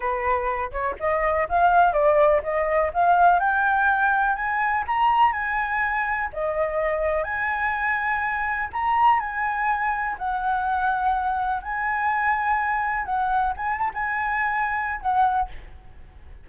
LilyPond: \new Staff \with { instrumentName = "flute" } { \time 4/4 \tempo 4 = 124 b'4. cis''8 dis''4 f''4 | d''4 dis''4 f''4 g''4~ | g''4 gis''4 ais''4 gis''4~ | gis''4 dis''2 gis''4~ |
gis''2 ais''4 gis''4~ | gis''4 fis''2. | gis''2. fis''4 | gis''8 a''16 gis''2~ gis''16 fis''4 | }